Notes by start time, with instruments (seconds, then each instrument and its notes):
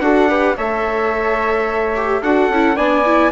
0.00 bassoon D4, viola F#4, flute A4, trumpet F#5
0.29 viola G4, flute B4
0.57 bassoon A3, viola A4, flute C#5, trumpet E5
1.96 viola G4
2.21 bassoon D4, viola F#4, flute A4, trumpet F#5
2.49 bassoon C#4, viola E4
2.76 bassoon B3, viola D4, flute D5, trumpet G#5
3.05 viola E4